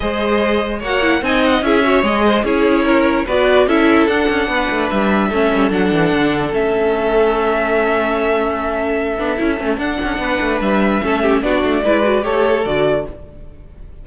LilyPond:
<<
  \new Staff \with { instrumentName = "violin" } { \time 4/4 \tempo 4 = 147 dis''2 fis''4 gis''8 fis''8 | e''4 dis''4 cis''2 | d''4 e''4 fis''2 | e''2 fis''2 |
e''1~ | e''1 | fis''2 e''2 | d''2 cis''4 d''4 | }
  \new Staff \with { instrumentName = "violin" } { \time 4/4 c''2 cis''4 dis''4 | gis'8 cis''4 c''8 gis'4 ais'4 | b'4 a'2 b'4~ | b'4 a'2.~ |
a'1~ | a'1~ | a'4 b'2 a'8 g'8 | fis'4 b'4 a'2 | }
  \new Staff \with { instrumentName = "viola" } { \time 4/4 gis'2 fis'8 e'8 dis'4 | e'8 fis'8 gis'4 e'2 | fis'4 e'4 d'2~ | d'4 cis'4 d'2 |
cis'1~ | cis'2~ cis'8 d'8 e'8 cis'8 | d'2. cis'4 | d'4 e'8 fis'8 g'4 fis'4 | }
  \new Staff \with { instrumentName = "cello" } { \time 4/4 gis2 ais4 c'4 | cis'4 gis4 cis'2 | b4 cis'4 d'8 cis'8 b8 a8 | g4 a8 g8 fis8 e8 d4 |
a1~ | a2~ a8 b8 cis'8 a8 | d'8 cis'8 b8 a8 g4 a4 | b8 a8 gis4 a4 d4 | }
>>